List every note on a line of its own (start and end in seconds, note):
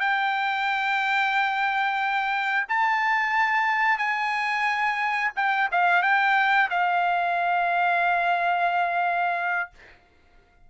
0.00 2.67 G5
2.68 3.98 A5
3.98 5.32 G#5
5.36 5.70 G5
5.72 6.03 F5
6.03 6.69 G5
6.70 9.70 F5